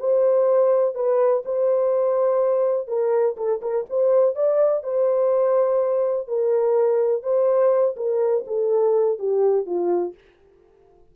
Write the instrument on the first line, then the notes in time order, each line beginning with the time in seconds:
horn
0.00 C5
0.95 B4
1.46 C5
2.88 A#4
3.37 A4
3.62 A#4
3.90 C5
4.35 D5
4.83 C5
6.28 A#4
7.23 C5
7.97 A#4
8.47 A4
9.19 G4
9.66 F4